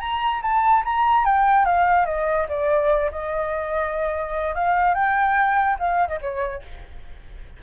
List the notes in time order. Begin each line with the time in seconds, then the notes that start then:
0.00 A#5
0.42 A5
0.85 A#5
1.25 G5
1.65 F5
2.06 D#5
2.49 D5
3.11 D#5
4.55 F5
4.95 G5
5.79 F5
6.08 D#5
6.21 C#5